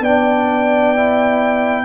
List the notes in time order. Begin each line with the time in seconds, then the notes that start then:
0.00 B3 D4 D5 G5
0.96 E4